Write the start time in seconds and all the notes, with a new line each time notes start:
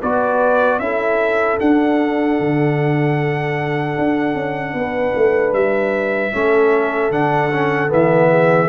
0.00 B3 F#4 B4 D5
0.79 C#4 E4 A4 E5
1.59 D4 F#5
2.39 D3
3.98 D4
4.34 C#4
4.74 B3 B4
5.15 A3
5.52 G3 E5
6.33 A3 C#4 A4
7.10 D3 D4 F#5
7.51 C#4
7.88 E3 B3 E5
8.30 G#4